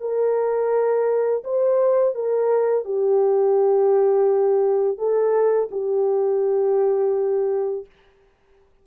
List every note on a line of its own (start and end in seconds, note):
0.00 1.43 A#4
1.44 2.15 C5
2.15 2.84 A#4
2.84 4.97 G4
4.97 5.69 A4
5.71 7.85 G4